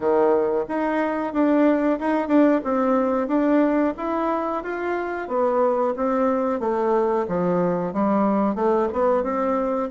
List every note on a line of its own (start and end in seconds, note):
0.00 0.64 D#3
0.68 1.33 D#4
1.33 1.99 D4
1.99 2.27 D#4
2.27 2.60 D4
2.64 3.27 C4
3.27 3.93 D4
3.97 4.63 E4
4.63 5.27 F4
5.27 5.93 B3
5.96 6.59 C4
6.59 7.25 A3
7.27 7.93 F3
7.93 8.55 G3
8.55 8.88 A3
8.93 9.23 B3
9.23 9.89 C4